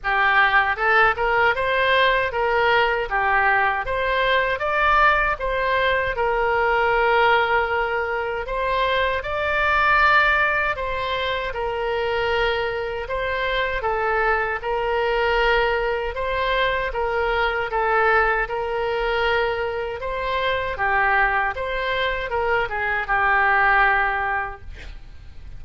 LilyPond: \new Staff \with { instrumentName = "oboe" } { \time 4/4 \tempo 4 = 78 g'4 a'8 ais'8 c''4 ais'4 | g'4 c''4 d''4 c''4 | ais'2. c''4 | d''2 c''4 ais'4~ |
ais'4 c''4 a'4 ais'4~ | ais'4 c''4 ais'4 a'4 | ais'2 c''4 g'4 | c''4 ais'8 gis'8 g'2 | }